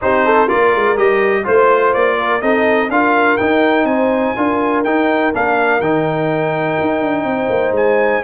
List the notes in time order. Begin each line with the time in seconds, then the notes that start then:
0.01 C4 D#4 G4 C5
0.24 A4
0.46 A#3 F4 A#4 D5
0.75 G#3
0.97 G3 G4 D#5
1.44 A3 F4 C5
1.93 A#3 D5
2.19 A#4
2.41 C4 D#4 A4 D#5
2.89 D4 F4 A#4 F5
3.37 D#4 G5
3.84 C4 C5 G#5
4.36 D4 F4 A#4
4.84 D#4 G5
5.33 A#3 D4 F5
5.79 D#3 D#4 G5
6.80 D#4
7.01 D4
7.23 C4 C5
7.49 A#3
7.71 G#3 G#5